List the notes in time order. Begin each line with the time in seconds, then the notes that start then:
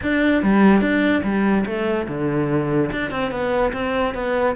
0.02 D4
0.42 G3
0.81 D4
1.23 G3
1.66 A3
2.07 D3
2.92 D4
3.10 C4
3.31 B3
3.73 C4
4.14 B3